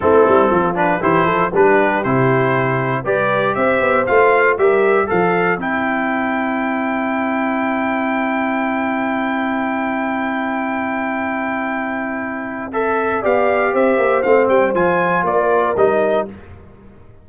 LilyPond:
<<
  \new Staff \with { instrumentName = "trumpet" } { \time 4/4 \tempo 4 = 118 a'4. b'8 c''4 b'4 | c''2 d''4 e''4 | f''4 e''4 f''4 g''4~ | g''1~ |
g''1~ | g''1~ | g''4 e''4 f''4 e''4 | f''8 g''8 gis''4 d''4 dis''4 | }
  \new Staff \with { instrumentName = "horn" } { \time 4/4 e'4 f'4 g'8 a'8 g'4~ | g'2 b'4 c''4~ | c''4 ais'4 c''2~ | c''1~ |
c''1~ | c''1~ | c''2 d''4 c''4~ | c''2 ais'2 | }
  \new Staff \with { instrumentName = "trombone" } { \time 4/4 c'4. d'8 e'4 d'4 | e'2 g'2 | f'4 g'4 a'4 e'4~ | e'1~ |
e'1~ | e'1~ | e'4 a'4 g'2 | c'4 f'2 dis'4 | }
  \new Staff \with { instrumentName = "tuba" } { \time 4/4 a8 g8 f4 e8 f8 g4 | c2 g4 c'8 b8 | a4 g4 f4 c'4~ | c'1~ |
c'1~ | c'1~ | c'2 b4 c'8 ais8 | a8 g8 f4 ais4 g4 | }
>>